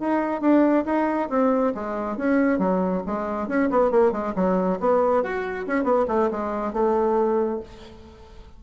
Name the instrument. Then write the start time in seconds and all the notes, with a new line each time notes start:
bassoon
0.00 D#4
0.41 D4
0.86 D#4
1.30 C4
1.75 G#3
2.17 C#4
2.59 F#3
3.06 G#3
3.48 C#4
3.70 B3
3.91 A#3
4.12 G#3
4.36 F#3
4.80 B3
5.23 F#4
5.67 C#4
5.84 B3
6.08 A3
6.31 G#3
6.73 A3